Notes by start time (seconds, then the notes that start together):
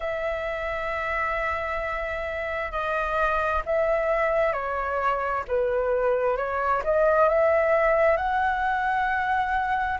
0.00 E5
2.71 D#5
3.65 E5
4.52 C#5
5.48 B4
6.36 C#5
6.83 D#5
7.28 E5
8.16 F#5